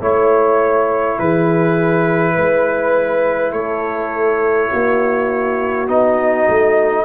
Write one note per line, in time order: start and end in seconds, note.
0.00 1.18 A3
0.00 5.88 E4
0.00 1.19 C#5
1.19 2.37 E3
1.19 2.34 G#4
1.19 3.52 B4
2.34 3.52 G#3
2.34 3.52 B4
3.52 4.70 A3
3.52 4.68 A4
3.52 5.87 C#5
4.68 5.88 A#3
4.68 7.03 F#4
5.88 6.47 B3
5.88 7.05 D#4
5.88 7.05 D#5
6.48 7.05 A3